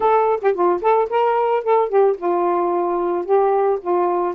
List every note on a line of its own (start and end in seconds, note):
0.00 0.40 A4
0.41 0.54 G4
0.54 0.81 F4
0.81 1.08 A4
1.09 1.63 A#4
1.63 1.88 A4
1.88 2.15 G4
2.17 3.25 F4
3.25 3.79 G4
3.81 4.34 F4